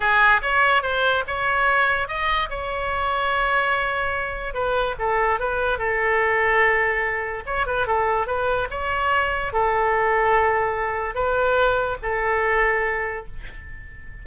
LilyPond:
\new Staff \with { instrumentName = "oboe" } { \time 4/4 \tempo 4 = 145 gis'4 cis''4 c''4 cis''4~ | cis''4 dis''4 cis''2~ | cis''2. b'4 | a'4 b'4 a'2~ |
a'2 cis''8 b'8 a'4 | b'4 cis''2 a'4~ | a'2. b'4~ | b'4 a'2. | }